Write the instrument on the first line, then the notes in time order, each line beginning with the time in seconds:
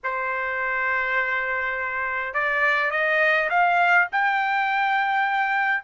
trumpet
0.03 C5
2.34 D5
2.90 D#5
3.49 F5
4.11 G5